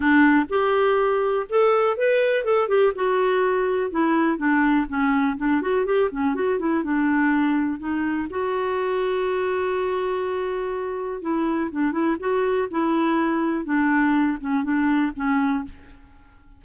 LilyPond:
\new Staff \with { instrumentName = "clarinet" } { \time 4/4 \tempo 4 = 123 d'4 g'2 a'4 | b'4 a'8 g'8 fis'2 | e'4 d'4 cis'4 d'8 fis'8 | g'8 cis'8 fis'8 e'8 d'2 |
dis'4 fis'2.~ | fis'2. e'4 | d'8 e'8 fis'4 e'2 | d'4. cis'8 d'4 cis'4 | }